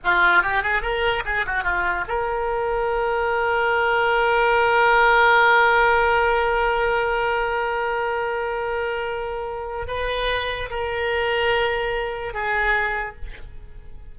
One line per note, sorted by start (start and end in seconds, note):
0.03 0.42 F4
0.42 0.62 G4
0.62 0.82 G#4
0.82 1.23 A#4
1.25 1.45 G#4
1.46 1.63 F#4
1.63 2.04 F4
2.08 9.87 A#4
9.87 10.69 B4
10.70 12.33 A#4
12.33 13.15 G#4